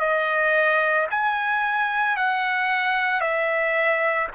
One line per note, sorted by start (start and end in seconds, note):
0.00 1.07 D#5
1.11 2.17 G#5
2.17 3.21 F#5
3.21 4.28 E5